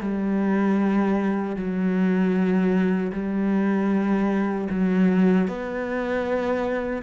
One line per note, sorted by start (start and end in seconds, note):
0.00 1.55 G3
1.55 3.11 F#3
3.12 4.68 G3
4.70 5.47 F#3
5.47 7.02 B3